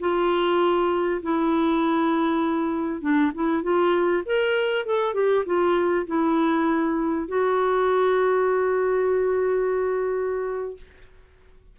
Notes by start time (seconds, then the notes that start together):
0.00 F4
1.22 E4
3.01 D4
3.34 E4
3.63 F4
4.26 A#4
4.86 A4
5.14 G4
5.46 F4
6.07 E4
7.28 F#4